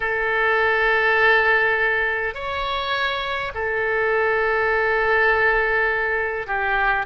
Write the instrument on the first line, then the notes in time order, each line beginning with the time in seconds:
oboe
0.00 A4
2.34 C#5
3.54 A4
6.47 G4